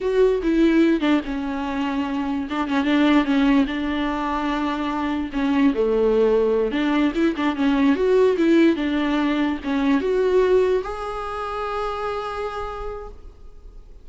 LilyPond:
\new Staff \with { instrumentName = "viola" } { \time 4/4 \tempo 4 = 147 fis'4 e'4. d'8 cis'4~ | cis'2 d'8 cis'8 d'4 | cis'4 d'2.~ | d'4 cis'4 a2~ |
a8 d'4 e'8 d'8 cis'4 fis'8~ | fis'8 e'4 d'2 cis'8~ | cis'8 fis'2 gis'4.~ | gis'1 | }